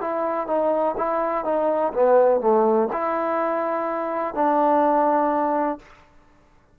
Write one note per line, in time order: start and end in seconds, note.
0.00 0.47 E4
0.47 0.95 D#4
0.97 1.44 E4
1.44 1.92 D#4
1.93 2.40 B3
2.40 2.88 A3
2.92 4.34 E4
4.34 5.78 D4